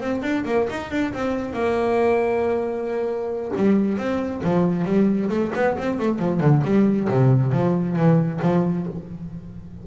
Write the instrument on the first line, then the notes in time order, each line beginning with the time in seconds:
double bass
0.00 C4
0.22 D4
0.45 A#3
0.70 D#4
0.91 D4
1.13 C4
1.53 A#3
3.56 G3
3.97 C4
4.43 F3
4.85 G3
5.29 A3
5.55 B3
5.78 C4
5.99 A3
6.18 F3
6.40 D3
6.64 G3
7.08 C3
7.52 F3
7.96 E3
8.42 F3